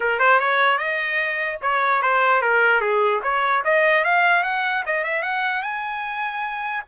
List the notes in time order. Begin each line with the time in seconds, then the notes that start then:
0.00 A#4
0.19 C5
0.39 C#5
0.78 D#5
1.61 C#5
2.02 C5
2.41 A#4
2.80 G#4
3.23 C#5
3.64 D#5
4.04 F5
4.43 F#5
4.86 D#5
5.04 E5
5.22 F#5
5.62 G#5